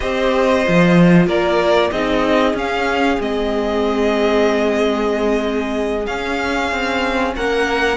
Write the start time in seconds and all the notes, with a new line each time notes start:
0.00 C4 G4 C5 D#5
0.64 F3 F4
1.26 A#3 A#4 D5
1.91 C4 D#4 G#4 D#5
2.53 C#4 F5
3.19 G#3 C4 D#5
6.06 C#4 F5
6.71 C4
7.35 A#3 A#4 F#5